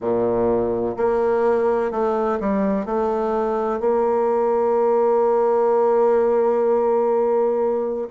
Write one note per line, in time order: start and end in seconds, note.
0.00 0.96 A#2
0.96 1.91 A#3
1.91 2.39 A3
2.40 2.85 G3
2.85 3.80 A3
3.80 8.08 A#3